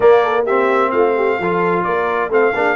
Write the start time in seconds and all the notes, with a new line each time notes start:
0.00 A#3 A#4 D5
0.23 A4
0.45 C4 G4 E5
0.91 A3 F4 F5
1.15 G4
1.39 F3 F4 A4
1.83 A#3 A#4 D5
2.28 A3 C4 A4 F5
2.54 A#3 D4 G#4